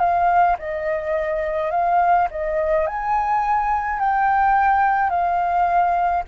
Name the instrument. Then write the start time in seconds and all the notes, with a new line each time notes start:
flute
0.00 F5
0.59 D#5
1.71 F5
2.31 D#5
2.87 G#5
4.00 G5
5.10 F5